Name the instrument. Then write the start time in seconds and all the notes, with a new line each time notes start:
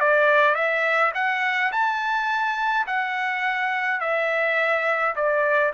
trumpet
0.00 D5
0.55 E5
1.14 F#5
1.72 A5
2.87 F#5
4.00 E5
5.16 D5